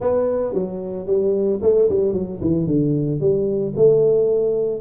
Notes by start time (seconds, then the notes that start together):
0.00 B3
0.53 F#3
1.06 G3
1.61 A3
1.89 G3
2.13 F#3
2.40 E3
2.66 D3
3.20 G3
3.75 A3